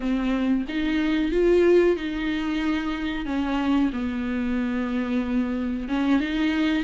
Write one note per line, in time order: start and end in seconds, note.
0.00 0.65 C4
0.68 1.31 D#4
1.31 1.96 F4
1.96 3.25 D#4
3.25 3.90 C#4
3.92 5.88 B3
5.88 6.20 C#4
6.20 6.83 D#4